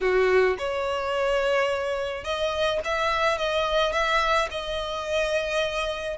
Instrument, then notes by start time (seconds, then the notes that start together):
violin
0.00 F#4
0.58 C#5
2.24 D#5
2.84 E5
3.38 D#5
3.92 E5
4.51 D#5